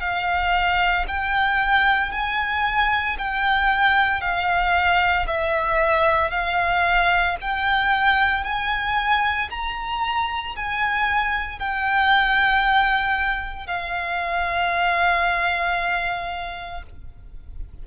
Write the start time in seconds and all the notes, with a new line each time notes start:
0.00 F5
1.08 G5
2.11 G#5
3.18 G5
4.21 F5
5.27 E5
6.31 F5
7.41 G5
8.44 G#5
9.50 A#5
10.56 G#5
11.59 G5
13.67 F5